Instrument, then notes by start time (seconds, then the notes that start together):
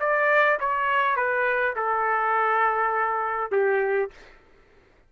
trumpet
0.00 D5
0.60 C#5
1.16 B4
1.76 A4
3.52 G4